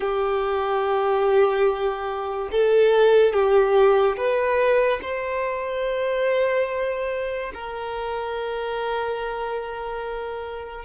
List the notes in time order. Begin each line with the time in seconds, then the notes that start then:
0.00 G4
2.51 A4
3.33 G4
4.16 B4
5.02 C5
7.53 A#4